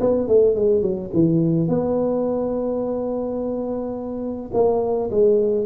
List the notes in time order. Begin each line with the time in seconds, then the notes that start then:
0.00 B3
0.28 A3
0.55 G#3
0.82 F#3
1.13 E3
1.68 B3
4.53 A#3
5.10 G#3